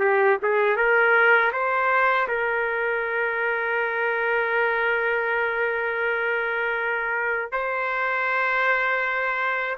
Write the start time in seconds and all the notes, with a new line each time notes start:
0.00 G4
0.43 G#4
0.77 A#4
1.53 C5
2.28 A#4
7.52 C5